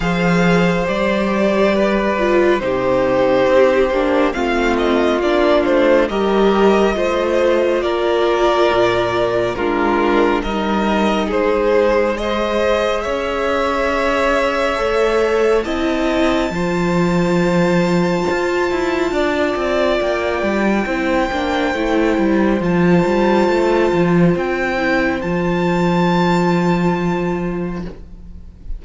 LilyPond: <<
  \new Staff \with { instrumentName = "violin" } { \time 4/4 \tempo 4 = 69 f''4 d''2 c''4~ | c''4 f''8 dis''8 d''8 c''8 dis''4~ | dis''4 d''2 ais'4 | dis''4 c''4 dis''4 e''4~ |
e''2 a''2~ | a''2. g''4~ | g''2 a''2 | g''4 a''2. | }
  \new Staff \with { instrumentName = "violin" } { \time 4/4 c''2 b'4 g'4~ | g'4 f'2 ais'4 | c''4 ais'2 f'4 | ais'4 gis'4 c''4 cis''4~ |
cis''2 dis''4 c''4~ | c''2 d''2 | c''1~ | c''1 | }
  \new Staff \with { instrumentName = "viola" } { \time 4/4 gis'4 g'4. f'8 dis'4~ | dis'8 d'8 c'4 d'4 g'4 | f'2. d'4 | dis'2 gis'2~ |
gis'4 a'4 e'4 f'4~ | f'1 | e'8 d'8 e'4 f'2~ | f'8 e'8 f'2. | }
  \new Staff \with { instrumentName = "cello" } { \time 4/4 f4 g2 c4 | c'8 ais8 a4 ais8 a8 g4 | a4 ais4 ais,4 gis4 | g4 gis2 cis'4~ |
cis'4 a4 c'4 f4~ | f4 f'8 e'8 d'8 c'8 ais8 g8 | c'8 ais8 a8 g8 f8 g8 a8 f8 | c'4 f2. | }
>>